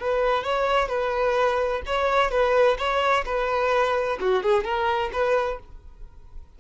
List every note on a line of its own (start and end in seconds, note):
0.00 0.44 B4
0.44 0.89 C#5
0.89 1.82 B4
1.87 2.31 C#5
2.31 2.78 B4
2.79 3.25 C#5
3.26 4.19 B4
4.21 4.43 F#4
4.43 4.65 G#4
4.65 5.11 A#4
5.13 5.59 B4